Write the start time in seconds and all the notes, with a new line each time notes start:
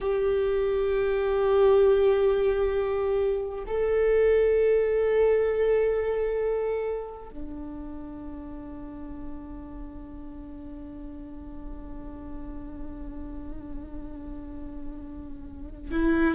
0.00 G4
3.67 A4
7.30 D4
15.91 E4